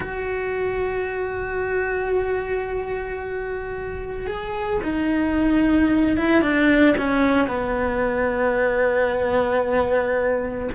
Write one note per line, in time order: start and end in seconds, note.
0.00 4.26 F#4
4.26 4.80 G#4
4.83 6.17 D#4
6.17 6.41 E4
6.41 6.94 D4
6.97 7.47 C#4
7.47 10.69 B3